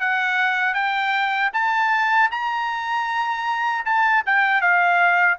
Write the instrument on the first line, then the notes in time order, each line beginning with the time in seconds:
trumpet
0.00 F#5
0.74 G5
1.53 A5
2.31 A#5
3.85 A5
4.26 G5
4.61 F5